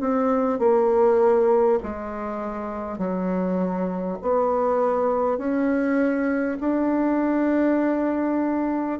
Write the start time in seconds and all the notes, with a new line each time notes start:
0.00 C4
0.59 A#3
1.83 G#3
2.98 F#3
4.22 B3
5.38 C#4
6.60 D4